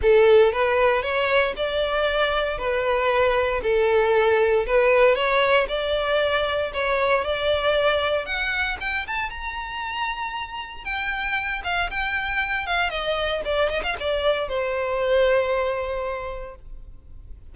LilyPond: \new Staff \with { instrumentName = "violin" } { \time 4/4 \tempo 4 = 116 a'4 b'4 cis''4 d''4~ | d''4 b'2 a'4~ | a'4 b'4 cis''4 d''4~ | d''4 cis''4 d''2 |
fis''4 g''8 a''8 ais''2~ | ais''4 g''4. f''8 g''4~ | g''8 f''8 dis''4 d''8 dis''16 f''16 d''4 | c''1 | }